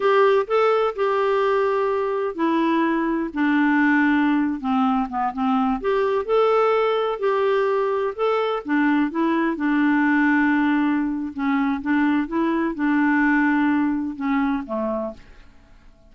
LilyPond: \new Staff \with { instrumentName = "clarinet" } { \time 4/4 \tempo 4 = 127 g'4 a'4 g'2~ | g'4 e'2 d'4~ | d'4.~ d'16 c'4 b8 c'8.~ | c'16 g'4 a'2 g'8.~ |
g'4~ g'16 a'4 d'4 e'8.~ | e'16 d'2.~ d'8. | cis'4 d'4 e'4 d'4~ | d'2 cis'4 a4 | }